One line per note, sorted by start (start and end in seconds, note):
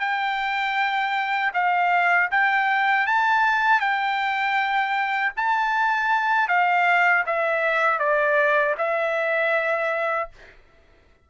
0.00 1.52 G5
1.54 2.30 F5
2.31 3.07 G5
3.07 3.80 A5
3.80 5.32 G5
5.37 6.49 A5
6.49 7.25 F5
7.27 7.99 E5
7.99 8.75 D5
8.78 10.30 E5